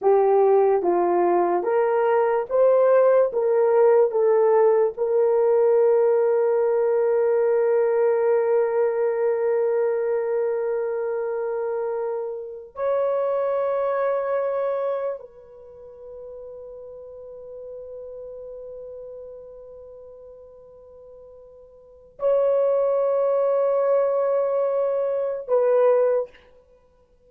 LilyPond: \new Staff \with { instrumentName = "horn" } { \time 4/4 \tempo 4 = 73 g'4 f'4 ais'4 c''4 | ais'4 a'4 ais'2~ | ais'1~ | ais'2.~ ais'8 cis''8~ |
cis''2~ cis''8 b'4.~ | b'1~ | b'2. cis''4~ | cis''2. b'4 | }